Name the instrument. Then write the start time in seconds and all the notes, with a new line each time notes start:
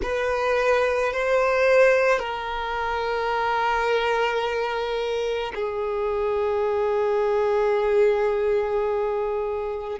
violin
0.02 B4
1.12 C5
2.19 A#4
5.55 G#4